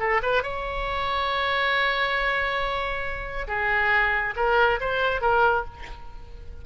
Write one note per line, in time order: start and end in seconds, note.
0.00 0.22 A4
0.23 0.43 B4
0.43 3.48 C#5
3.48 4.35 G#4
4.37 4.80 A#4
4.81 5.22 C5
5.22 5.65 A#4